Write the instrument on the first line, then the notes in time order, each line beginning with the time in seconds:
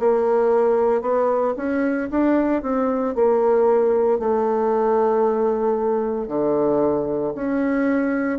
bassoon
0.00 A#3
1.02 B3
1.57 C#4
2.11 D4
2.63 C4
3.15 A#3
4.20 A3
6.28 D3
7.35 C#4